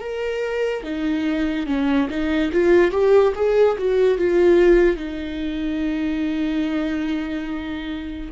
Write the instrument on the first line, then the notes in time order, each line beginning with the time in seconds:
viola
0.00 A#4
0.83 D#4
1.67 C#4
2.09 D#4
2.52 F4
2.91 G4
3.35 G#4
3.78 F#4
4.18 F4
4.97 D#4